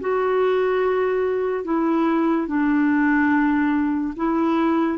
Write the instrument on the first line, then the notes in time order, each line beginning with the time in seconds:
clarinet
0.00 F#4
1.64 E4
2.47 D4
4.16 E4